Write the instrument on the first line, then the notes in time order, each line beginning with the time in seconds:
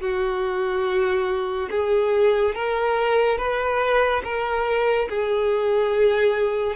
violin
0.00 F#4
1.70 G#4
2.55 A#4
3.38 B4
4.24 A#4
5.09 G#4